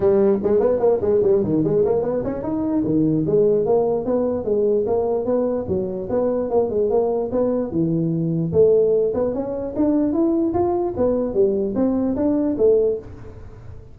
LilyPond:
\new Staff \with { instrumentName = "tuba" } { \time 4/4 \tempo 4 = 148 g4 gis8 b8 ais8 gis8 g8 dis8 | gis8 ais8 b8 cis'8 dis'4 dis4 | gis4 ais4 b4 gis4 | ais4 b4 fis4 b4 |
ais8 gis8 ais4 b4 e4~ | e4 a4. b8 cis'4 | d'4 e'4 f'4 b4 | g4 c'4 d'4 a4 | }